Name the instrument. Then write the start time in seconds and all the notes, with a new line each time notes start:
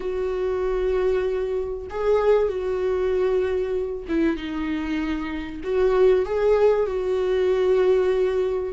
viola
0.00 F#4
1.89 G#4
2.48 F#4
4.08 E4
4.36 D#4
5.63 F#4
6.25 G#4
6.86 F#4